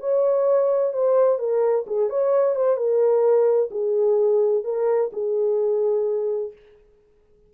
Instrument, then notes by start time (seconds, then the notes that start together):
horn
0.00 C#5
0.93 C5
1.39 A#4
1.87 G#4
2.10 C#5
2.56 C5
2.77 A#4
3.71 G#4
4.64 A#4
5.13 G#4